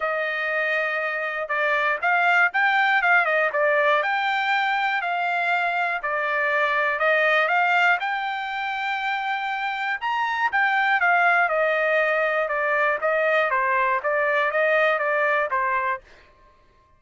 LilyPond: \new Staff \with { instrumentName = "trumpet" } { \time 4/4 \tempo 4 = 120 dis''2. d''4 | f''4 g''4 f''8 dis''8 d''4 | g''2 f''2 | d''2 dis''4 f''4 |
g''1 | ais''4 g''4 f''4 dis''4~ | dis''4 d''4 dis''4 c''4 | d''4 dis''4 d''4 c''4 | }